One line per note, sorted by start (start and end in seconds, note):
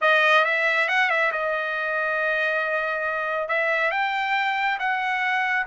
0.01 0.44 D#5
0.44 0.88 E5
0.88 1.09 F#5
1.09 1.31 E5
1.32 3.48 D#5
3.48 3.91 E5
3.91 4.78 G5
4.79 5.66 F#5